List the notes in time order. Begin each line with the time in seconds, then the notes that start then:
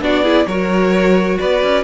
0.00 B3 D4 F#4 D5
0.23 E4 G#4
0.46 F#3 F#4 A#4 C#5
1.38 B3 B4 D5
1.62 C#4